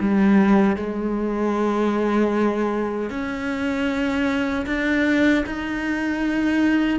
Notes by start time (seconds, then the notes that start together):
0.00 G3
0.77 G#3
3.10 C#4
4.66 D4
5.47 D#4